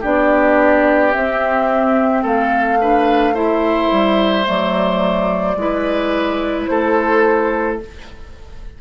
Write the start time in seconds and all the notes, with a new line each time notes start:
0.00 B3 D4 G4 D5
1.11 C4 E5
2.22 A3 A4 F5
2.80 D4 B4
3.34 E4 C5 E5
3.91 G3
4.43 F#3 A3 D5
5.55 G#3 E4 B4
6.66 A3 A4 C5